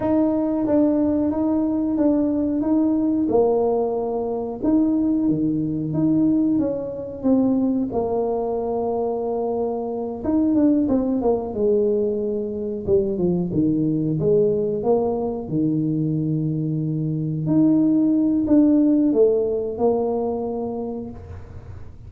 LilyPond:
\new Staff \with { instrumentName = "tuba" } { \time 4/4 \tempo 4 = 91 dis'4 d'4 dis'4 d'4 | dis'4 ais2 dis'4 | dis4 dis'4 cis'4 c'4 | ais2.~ ais8 dis'8 |
d'8 c'8 ais8 gis2 g8 | f8 dis4 gis4 ais4 dis8~ | dis2~ dis8 dis'4. | d'4 a4 ais2 | }